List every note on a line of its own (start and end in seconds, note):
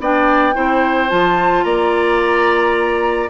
0.00 0.55 B3
0.00 0.54 D4
0.00 0.55 D5
0.00 1.10 G5
0.54 1.11 C4
0.54 1.09 E4
0.54 1.65 C5
1.09 1.64 F3
1.09 3.29 F4
1.09 1.64 A5
1.64 3.29 A#3
1.64 3.30 D5
1.64 3.29 A#5